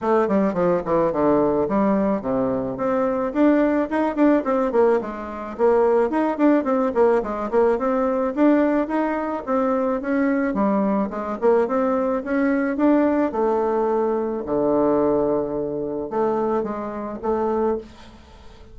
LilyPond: \new Staff \with { instrumentName = "bassoon" } { \time 4/4 \tempo 4 = 108 a8 g8 f8 e8 d4 g4 | c4 c'4 d'4 dis'8 d'8 | c'8 ais8 gis4 ais4 dis'8 d'8 | c'8 ais8 gis8 ais8 c'4 d'4 |
dis'4 c'4 cis'4 g4 | gis8 ais8 c'4 cis'4 d'4 | a2 d2~ | d4 a4 gis4 a4 | }